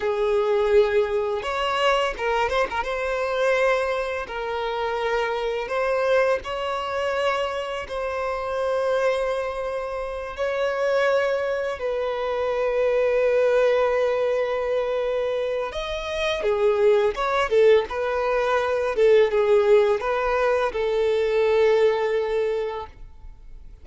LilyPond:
\new Staff \with { instrumentName = "violin" } { \time 4/4 \tempo 4 = 84 gis'2 cis''4 ais'8 c''16 ais'16 | c''2 ais'2 | c''4 cis''2 c''4~ | c''2~ c''8 cis''4.~ |
cis''8 b'2.~ b'8~ | b'2 dis''4 gis'4 | cis''8 a'8 b'4. a'8 gis'4 | b'4 a'2. | }